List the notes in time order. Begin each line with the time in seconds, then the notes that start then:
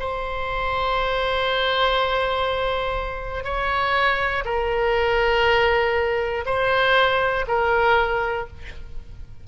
0.00 C5
3.45 C#5
4.45 A#4
6.46 C5
7.48 A#4